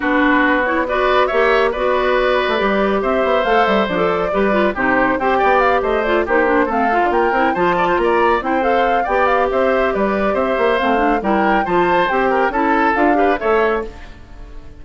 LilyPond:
<<
  \new Staff \with { instrumentName = "flute" } { \time 4/4 \tempo 4 = 139 b'4. cis''8 d''4 e''4 | d''2. e''4 | f''8 e''8 d''2 c''4 | g''4 f''8 dis''8 d''8 c''4 f''8~ |
f''8 g''4 a''4 ais''4 g''8 | f''4 g''8 f''8 e''4 d''4 | e''4 f''4 g''4 a''4 | g''4 a''4 f''4 e''4 | }
  \new Staff \with { instrumentName = "oboe" } { \time 4/4 fis'2 b'4 cis''4 | b'2. c''4~ | c''2 b'4 g'4 | c''8 d''4 c''4 g'4 a'8~ |
a'8 ais'4 c''8 d''16 c''16 d''4 c''8~ | c''4 d''4 c''4 b'4 | c''2 ais'4 c''4~ | c''8 ais'8 a'4. b'8 cis''4 | }
  \new Staff \with { instrumentName = "clarinet" } { \time 4/4 d'4. e'8 fis'4 g'4 | fis'2 g'2 | a'4 d'16 a'8. g'8 f'8 dis'4 | g'2 f'8 dis'8 d'8 c'8 |
f'4 e'8 f'2 e'8 | a'4 g'2.~ | g'4 c'8 d'8 e'4 f'4 | g'4 e'4 f'8 g'8 a'4 | }
  \new Staff \with { instrumentName = "bassoon" } { \time 4/4 b2. ais4 | b4.~ b16 a16 g4 c'8 b8 | a8 g8 f4 g4 c4 | c'8 b4 a4 ais4 a8~ |
a16 d'16 ais8 c'8 f4 ais4 c'8~ | c'4 b4 c'4 g4 | c'8 ais8 a4 g4 f4 | c'4 cis'4 d'4 a4 | }
>>